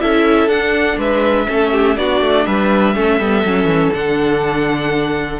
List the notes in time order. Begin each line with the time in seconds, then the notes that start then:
0.00 C#4 E4 A4 E5
0.48 D4 F#5
0.98 G#3 B4 E5
1.48 A3 C#4 A4
1.72 G4
1.97 B3 D4 F#4 D5
2.22 A3
2.46 G3 B4 E5
2.95 A3 C#4 A4
3.19 G3 B3
3.45 F#3 C#4
3.65 E3
3.94 D3 D4 F#5